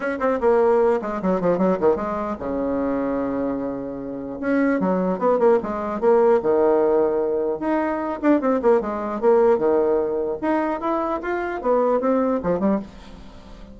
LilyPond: \new Staff \with { instrumentName = "bassoon" } { \time 4/4 \tempo 4 = 150 cis'8 c'8 ais4. gis8 fis8 f8 | fis8 dis8 gis4 cis2~ | cis2. cis'4 | fis4 b8 ais8 gis4 ais4 |
dis2. dis'4~ | dis'8 d'8 c'8 ais8 gis4 ais4 | dis2 dis'4 e'4 | f'4 b4 c'4 f8 g8 | }